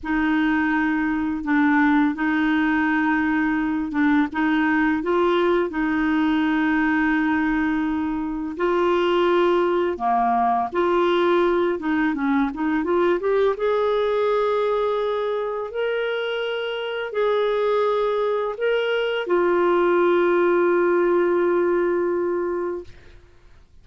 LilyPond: \new Staff \with { instrumentName = "clarinet" } { \time 4/4 \tempo 4 = 84 dis'2 d'4 dis'4~ | dis'4. d'8 dis'4 f'4 | dis'1 | f'2 ais4 f'4~ |
f'8 dis'8 cis'8 dis'8 f'8 g'8 gis'4~ | gis'2 ais'2 | gis'2 ais'4 f'4~ | f'1 | }